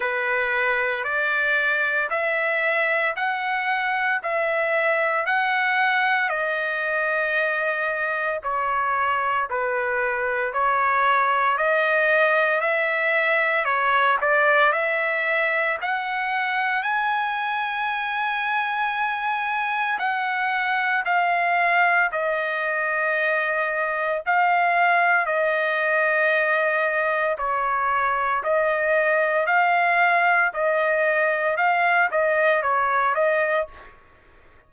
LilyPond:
\new Staff \with { instrumentName = "trumpet" } { \time 4/4 \tempo 4 = 57 b'4 d''4 e''4 fis''4 | e''4 fis''4 dis''2 | cis''4 b'4 cis''4 dis''4 | e''4 cis''8 d''8 e''4 fis''4 |
gis''2. fis''4 | f''4 dis''2 f''4 | dis''2 cis''4 dis''4 | f''4 dis''4 f''8 dis''8 cis''8 dis''8 | }